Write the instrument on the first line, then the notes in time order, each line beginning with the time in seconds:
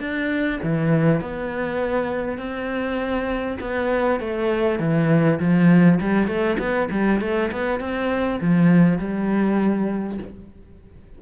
cello
0.00 D4
0.64 E3
1.21 B3
2.38 C4
3.61 B3
4.20 A3
4.79 E3
5.39 F3
6.01 G3
6.28 A3
6.59 B3
6.91 G3
7.21 A3
7.52 B3
7.80 C4
8.41 F3
8.98 G3